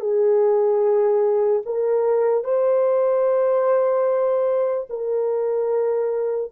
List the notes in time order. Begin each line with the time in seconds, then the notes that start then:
0.00 G#4
1.65 A#4
2.44 C5
4.89 A#4